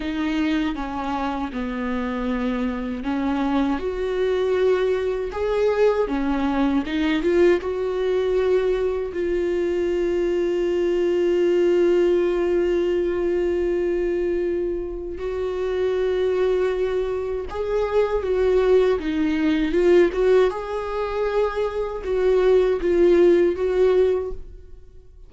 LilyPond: \new Staff \with { instrumentName = "viola" } { \time 4/4 \tempo 4 = 79 dis'4 cis'4 b2 | cis'4 fis'2 gis'4 | cis'4 dis'8 f'8 fis'2 | f'1~ |
f'1 | fis'2. gis'4 | fis'4 dis'4 f'8 fis'8 gis'4~ | gis'4 fis'4 f'4 fis'4 | }